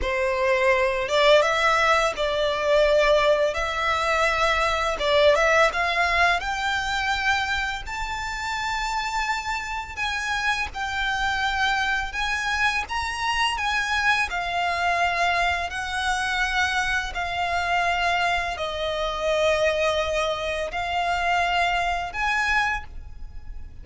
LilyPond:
\new Staff \with { instrumentName = "violin" } { \time 4/4 \tempo 4 = 84 c''4. d''8 e''4 d''4~ | d''4 e''2 d''8 e''8 | f''4 g''2 a''4~ | a''2 gis''4 g''4~ |
g''4 gis''4 ais''4 gis''4 | f''2 fis''2 | f''2 dis''2~ | dis''4 f''2 gis''4 | }